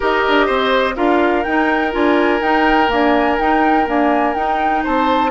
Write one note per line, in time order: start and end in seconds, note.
0.00 0.26 D#4
0.00 0.94 G4
0.00 0.46 A#4
0.00 0.96 D#5
0.28 0.48 D4
0.46 0.96 C4
0.46 0.95 C5
0.95 1.45 D4
0.95 1.43 F4
0.95 4.83 A#4
0.95 1.43 F5
1.43 1.93 D#4
1.43 1.91 D#4
1.43 1.92 G5
1.91 2.40 D4
1.91 2.40 F4
1.91 2.42 G#5
2.40 2.89 D#4
2.40 2.87 D#4
2.40 2.90 G5
2.87 3.36 A#3
2.87 3.39 D4
2.87 3.39 G#5
3.39 3.87 D#4
3.39 3.86 D#4
3.39 3.87 G5
3.86 4.34 A#3
3.86 4.35 D4
3.86 4.34 G#5
4.34 4.84 D#4
4.34 5.31 D#4
4.34 4.82 G5
4.83 5.31 C4
4.83 5.31 C5
4.83 5.31 A5